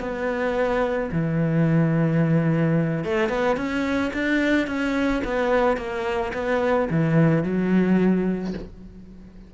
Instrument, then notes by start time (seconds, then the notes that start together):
cello
0.00 B3
1.12 E3
3.05 A3
3.29 B3
3.57 C#4
4.14 D4
4.67 C#4
5.24 B3
5.77 A#3
6.34 B3
6.91 E3
7.44 F#3